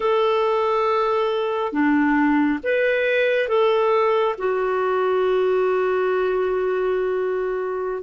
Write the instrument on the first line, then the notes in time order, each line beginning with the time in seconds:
clarinet
0.00 A4
1.72 D4
2.63 B4
3.48 A4
4.38 F#4